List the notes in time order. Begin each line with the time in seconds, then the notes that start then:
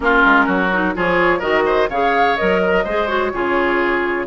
0.00 A#3 C#4 F4 A#4
0.25 G#3
0.46 F#3 F#4
0.72 D#4
0.94 F3 F4 G#4 C#5
1.39 D#3 F#4 A#4 D#5
1.65 C5
1.89 C#3 G#4 C#5 F5
2.36 F#3 A#4 D#5
2.63 A#4
2.83 G#3 G#4 C5
3.07 F#4 C#5
3.33 C#3 F4 G#4